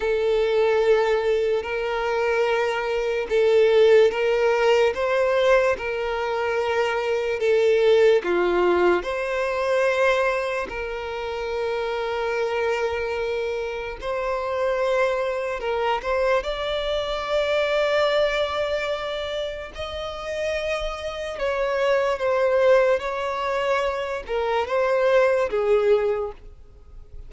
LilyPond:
\new Staff \with { instrumentName = "violin" } { \time 4/4 \tempo 4 = 73 a'2 ais'2 | a'4 ais'4 c''4 ais'4~ | ais'4 a'4 f'4 c''4~ | c''4 ais'2.~ |
ais'4 c''2 ais'8 c''8 | d''1 | dis''2 cis''4 c''4 | cis''4. ais'8 c''4 gis'4 | }